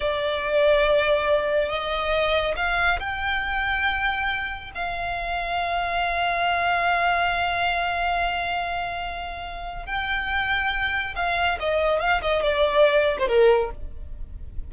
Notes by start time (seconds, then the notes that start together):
0.00 D5
1.69 D#5
2.56 F5
2.99 G5
4.75 F5
9.86 G5
11.15 F5
11.59 D#5
11.99 F5
12.21 D#5
12.42 D5
13.18 C5
13.28 A#4